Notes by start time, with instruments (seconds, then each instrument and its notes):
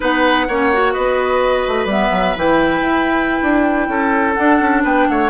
0.00 bassoon B3, clarinet D#4, oboe B4, flute F#5
0.47 bassoon A#3, clarinet C#4, oboe C#5
0.73 clarinet F#4
0.92 bassoon B3, oboe B4, flute D#5
1.67 bassoon A3
1.85 bassoon G3, clarinet B3, flute E5
2.10 bassoon F#3
2.36 bassoon E3, clarinet E4, flute G5
2.80 bassoon E4
3.42 bassoon D4
3.88 bassoon C#4, oboe A4
4.34 clarinet D4, bassoon D4, flute F#5
4.60 bassoon C#4
4.83 bassoon B3, oboe B4, flute G5
5.08 bassoon A3, oboe C#5, flute F#5